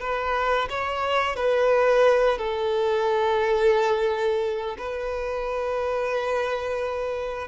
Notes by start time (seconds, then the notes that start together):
0.00 B4
0.69 C#5
1.36 B4
2.38 A4
4.78 B4